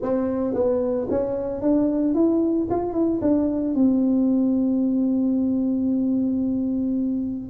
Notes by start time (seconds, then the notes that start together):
0.01 C4
0.54 B3
1.10 C#4
1.61 D4
2.14 E4
2.70 F4
2.93 E4
3.21 D4
3.75 C4